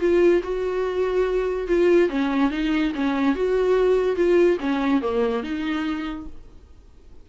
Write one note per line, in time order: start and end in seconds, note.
0.00 0.42 F4
0.43 1.68 F#4
1.68 2.09 F4
2.09 2.51 C#4
2.51 2.92 D#4
2.95 3.35 C#4
3.35 4.16 F#4
4.16 4.58 F4
4.60 5.02 C#4
5.02 5.43 A#3
5.43 6.26 D#4